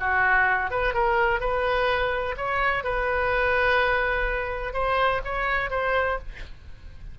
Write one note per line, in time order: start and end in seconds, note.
0.00 0.71 F#4
0.71 0.94 B4
0.94 1.41 A#4
1.41 2.36 B4
2.37 2.84 C#5
2.84 4.74 B4
4.74 5.21 C5
5.25 5.71 C#5
5.71 6.18 C5